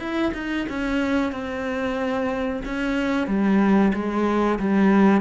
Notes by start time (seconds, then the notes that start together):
0.00 E4
0.34 D#4
0.70 C#4
1.33 C4
2.65 C#4
3.28 G3
3.94 G#3
4.60 G3